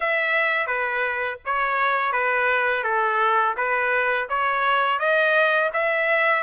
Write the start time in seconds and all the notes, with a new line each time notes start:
0.00 E5
0.67 B4
1.44 C#5
2.12 B4
2.83 A4
3.56 B4
4.29 C#5
4.99 D#5
5.73 E5